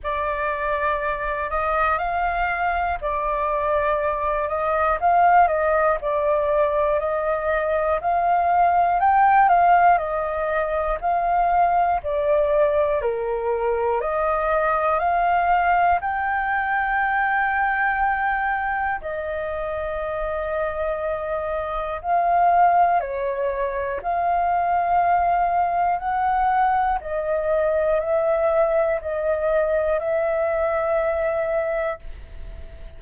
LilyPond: \new Staff \with { instrumentName = "flute" } { \time 4/4 \tempo 4 = 60 d''4. dis''8 f''4 d''4~ | d''8 dis''8 f''8 dis''8 d''4 dis''4 | f''4 g''8 f''8 dis''4 f''4 | d''4 ais'4 dis''4 f''4 |
g''2. dis''4~ | dis''2 f''4 cis''4 | f''2 fis''4 dis''4 | e''4 dis''4 e''2 | }